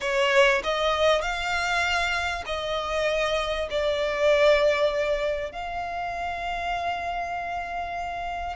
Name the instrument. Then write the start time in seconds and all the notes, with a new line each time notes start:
violin
0.00 C#5
0.63 D#5
1.21 F5
2.45 D#5
3.70 D5
5.52 F5